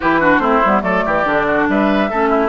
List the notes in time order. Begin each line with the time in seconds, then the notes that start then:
0.00 E3 E4 G4 B4
0.20 D4 F#4
0.38 A3 C4 E4 C5
0.65 G3 B3
0.81 F#3 A3 A4 D5
1.05 E3 G4
1.25 D3 D4
1.46 F#4
1.68 G3 B4 E5
2.09 A3 C#4 A4
2.29 E4